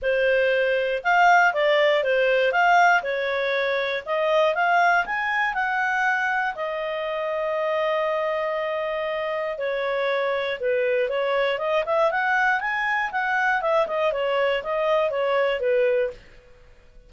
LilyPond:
\new Staff \with { instrumentName = "clarinet" } { \time 4/4 \tempo 4 = 119 c''2 f''4 d''4 | c''4 f''4 cis''2 | dis''4 f''4 gis''4 fis''4~ | fis''4 dis''2.~ |
dis''2. cis''4~ | cis''4 b'4 cis''4 dis''8 e''8 | fis''4 gis''4 fis''4 e''8 dis''8 | cis''4 dis''4 cis''4 b'4 | }